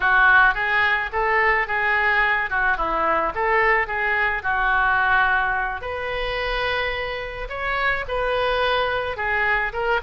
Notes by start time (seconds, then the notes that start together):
0.00 F#4
0.54 G#4
1.12 A4
1.67 G#4
2.50 F#4
2.77 E4
3.34 A4
3.87 G#4
4.42 F#4
5.81 B4
7.49 C#5
8.07 B4
9.16 G#4
9.72 A#4